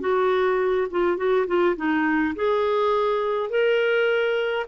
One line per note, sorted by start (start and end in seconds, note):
0.00 0.87 F#4
0.91 1.17 F4
1.17 1.46 F#4
1.47 1.76 F4
1.76 2.34 D#4
2.35 3.50 G#4
3.50 4.66 A#4